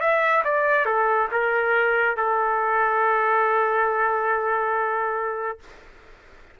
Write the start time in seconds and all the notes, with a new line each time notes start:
0.00 E5
0.44 D5
0.86 A4
1.32 A#4
2.17 A4